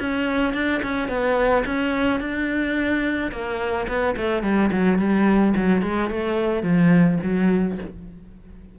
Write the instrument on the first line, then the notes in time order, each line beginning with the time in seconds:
cello
0.00 C#4
0.54 D4
0.83 C#4
1.09 B3
1.66 C#4
2.20 D4
3.32 A#3
3.88 B3
4.17 A3
4.43 G3
4.72 F#3
4.99 G3
5.57 F#3
5.83 G#3
6.10 A3
6.63 F3
7.23 F#3